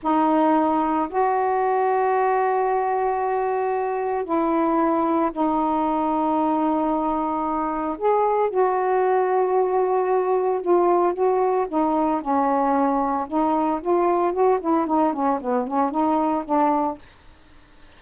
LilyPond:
\new Staff \with { instrumentName = "saxophone" } { \time 4/4 \tempo 4 = 113 dis'2 fis'2~ | fis'1 | e'2 dis'2~ | dis'2. gis'4 |
fis'1 | f'4 fis'4 dis'4 cis'4~ | cis'4 dis'4 f'4 fis'8 e'8 | dis'8 cis'8 b8 cis'8 dis'4 d'4 | }